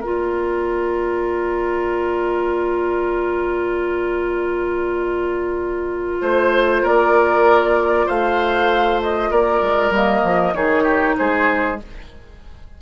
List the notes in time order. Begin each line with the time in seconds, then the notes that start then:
0.00 A#3 F4 A#4 D5
6.21 A3 C5
6.82 A#3 A#4 D5
8.06 A3 C5 F5
9.02 D#5
9.30 A#3 A#4 D5
9.61 G#3
9.90 G3 A#3 D#5
10.23 F3
10.53 D#3 D#4 G#4 C#5
10.83 G4
11.17 G#3 G#4 C5